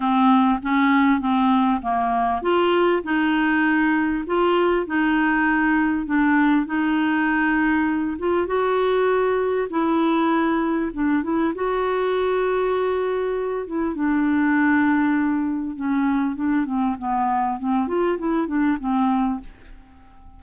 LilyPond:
\new Staff \with { instrumentName = "clarinet" } { \time 4/4 \tempo 4 = 99 c'4 cis'4 c'4 ais4 | f'4 dis'2 f'4 | dis'2 d'4 dis'4~ | dis'4. f'8 fis'2 |
e'2 d'8 e'8 fis'4~ | fis'2~ fis'8 e'8 d'4~ | d'2 cis'4 d'8 c'8 | b4 c'8 f'8 e'8 d'8 c'4 | }